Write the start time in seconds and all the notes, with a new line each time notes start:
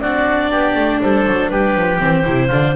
0.00 C4 D4 F#4 D5
0.50 B3 G4
0.75 A3
1.01 G3 A4 C5
1.27 F#3
1.49 G3 G4 B4
1.75 F3
1.98 E3 C4 C5
2.25 C3 E4
2.47 D3 D4 F4